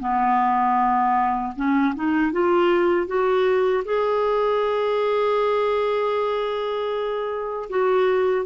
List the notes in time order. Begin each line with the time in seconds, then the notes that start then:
0.00 B3
1.56 C#4
1.95 D#4
2.33 F4
3.07 F#4
3.85 G#4
7.70 F#4